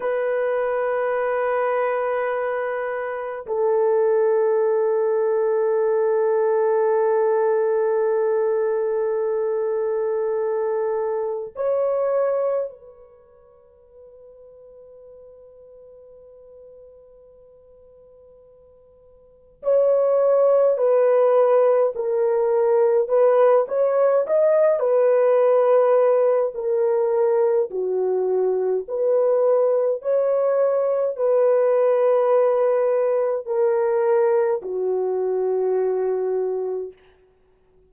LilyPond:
\new Staff \with { instrumentName = "horn" } { \time 4/4 \tempo 4 = 52 b'2. a'4~ | a'1~ | a'2 cis''4 b'4~ | b'1~ |
b'4 cis''4 b'4 ais'4 | b'8 cis''8 dis''8 b'4. ais'4 | fis'4 b'4 cis''4 b'4~ | b'4 ais'4 fis'2 | }